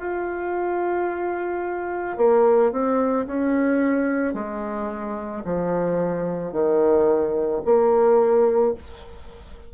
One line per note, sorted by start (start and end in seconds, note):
0.00 2.18 F4
2.18 2.72 A#3
2.72 3.27 C4
3.27 4.34 C#4
4.34 5.43 G#3
5.45 6.53 F3
6.53 7.62 D#3
7.66 8.75 A#3